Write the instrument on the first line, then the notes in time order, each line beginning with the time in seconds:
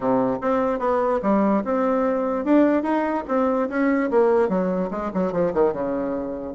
bassoon
0.00 C3
0.41 C4
0.79 B3
1.22 G3
1.64 C4
2.45 D4
2.83 D#4
3.27 C4
3.69 C#4
4.10 A#3
4.48 F#3
4.90 G#3
5.14 F#3
5.32 F3
5.53 D#3
5.73 C#3